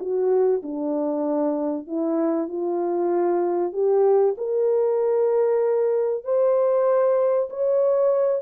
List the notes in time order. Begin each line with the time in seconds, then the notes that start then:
0.00 F#4
0.63 D4
1.87 E4
2.49 F4
3.73 G4
4.38 A#4
6.24 C5
7.50 C#5